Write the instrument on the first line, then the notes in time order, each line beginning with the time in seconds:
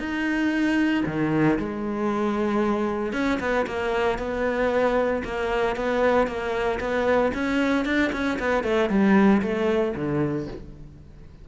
cello
0.00 D#4
1.06 D#3
1.59 G#3
3.13 C#4
3.40 B3
3.67 A#3
4.19 B3
5.25 A#3
5.77 B3
6.28 A#3
6.80 B3
7.34 C#4
7.85 D4
8.13 C#4
8.40 B3
8.64 A3
8.90 G3
9.42 A3
9.96 D3